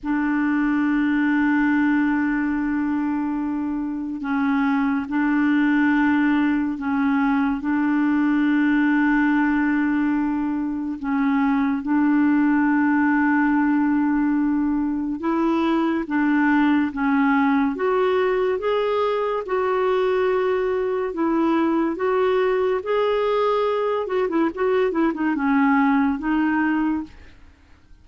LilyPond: \new Staff \with { instrumentName = "clarinet" } { \time 4/4 \tempo 4 = 71 d'1~ | d'4 cis'4 d'2 | cis'4 d'2.~ | d'4 cis'4 d'2~ |
d'2 e'4 d'4 | cis'4 fis'4 gis'4 fis'4~ | fis'4 e'4 fis'4 gis'4~ | gis'8 fis'16 e'16 fis'8 e'16 dis'16 cis'4 dis'4 | }